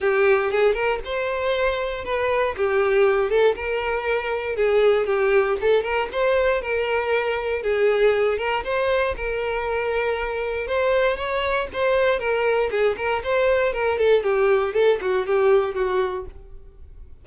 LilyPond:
\new Staff \with { instrumentName = "violin" } { \time 4/4 \tempo 4 = 118 g'4 gis'8 ais'8 c''2 | b'4 g'4. a'8 ais'4~ | ais'4 gis'4 g'4 a'8 ais'8 | c''4 ais'2 gis'4~ |
gis'8 ais'8 c''4 ais'2~ | ais'4 c''4 cis''4 c''4 | ais'4 gis'8 ais'8 c''4 ais'8 a'8 | g'4 a'8 fis'8 g'4 fis'4 | }